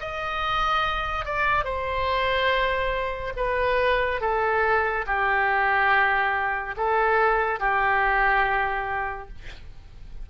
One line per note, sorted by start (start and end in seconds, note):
0.00 1.25 D#5
1.25 1.64 D5
1.64 3.33 C5
3.36 4.21 B4
4.21 5.05 A4
5.06 6.75 G4
6.77 7.59 A4
7.59 9.28 G4